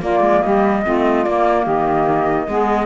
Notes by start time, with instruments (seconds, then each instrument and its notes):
0.00 clarinet A#3, cello A#3, saxophone F4, flute D5
0.20 cello G#3
0.42 cello G3, saxophone G4, flute D#5
0.83 cello A3, clarinet C4, saxophone F4
1.23 clarinet A#3, cello A#3, flute D5
1.64 cello D#3, saxophone G4, flute D#5
2.47 cello G#3, clarinet B3, saxophone G#4